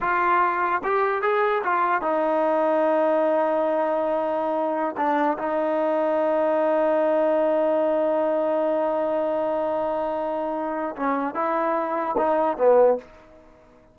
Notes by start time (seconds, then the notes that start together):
0.01 F4
0.83 G4
1.22 G#4
1.63 F4
2.01 D#4
4.97 D4
5.38 D#4
10.96 C#4
11.34 E4
12.17 D#4
12.57 B3